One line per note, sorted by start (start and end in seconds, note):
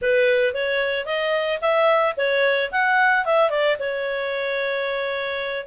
0.01 0.54 B4
0.54 1.05 C#5
1.05 1.59 D#5
1.61 2.15 E5
2.16 2.70 C#5
2.71 3.25 F#5
3.25 3.49 E5
3.49 3.76 D5
3.79 5.67 C#5